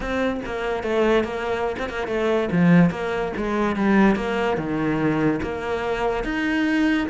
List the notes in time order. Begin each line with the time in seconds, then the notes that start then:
0.00 C4
0.45 A#3
0.83 A3
1.23 A#3
1.78 C4
1.89 A#3
2.07 A3
2.51 F3
2.90 A#3
3.36 G#3
3.76 G3
4.15 A#3
4.57 D#3
5.42 A#3
6.23 D#4